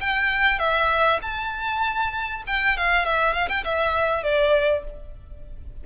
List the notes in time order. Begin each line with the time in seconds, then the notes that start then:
0.00 G5
0.58 E5
1.21 A5
2.47 G5
2.77 F5
3.05 E5
3.33 F5
3.48 G5
3.64 E5
4.23 D5